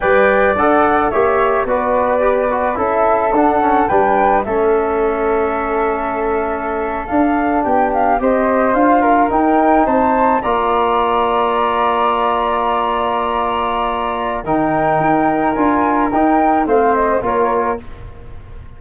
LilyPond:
<<
  \new Staff \with { instrumentName = "flute" } { \time 4/4 \tempo 4 = 108 g''4 fis''4 e''4 d''4~ | d''4 e''4 fis''4 g''4 | e''1~ | e''8. f''4 g''8 f''8 dis''4 f''16~ |
f''8. g''4 a''4 ais''4~ ais''16~ | ais''1~ | ais''2 g''2 | gis''4 g''4 f''8 dis''8 cis''4 | }
  \new Staff \with { instrumentName = "flute" } { \time 4/4 d''2 cis''4 b'4~ | b'4 a'2 b'4 | a'1~ | a'4.~ a'16 g'4 c''4~ c''16~ |
c''16 ais'4. c''4 d''4~ d''16~ | d''1~ | d''2 ais'2~ | ais'2 c''4 ais'4 | }
  \new Staff \with { instrumentName = "trombone" } { \time 4/4 b'4 a'4 g'4 fis'4 | g'8 fis'8 e'4 d'8 cis'8 d'4 | cis'1~ | cis'8. d'2 g'4 f'16~ |
f'8. dis'2 f'4~ f'16~ | f'1~ | f'2 dis'2 | f'4 dis'4 c'4 f'4 | }
  \new Staff \with { instrumentName = "tuba" } { \time 4/4 g4 d'4 ais4 b4~ | b4 cis'4 d'4 g4 | a1~ | a8. d'4 b4 c'4 d'16~ |
d'8. dis'4 c'4 ais4~ ais16~ | ais1~ | ais2 dis4 dis'4 | d'4 dis'4 a4 ais4 | }
>>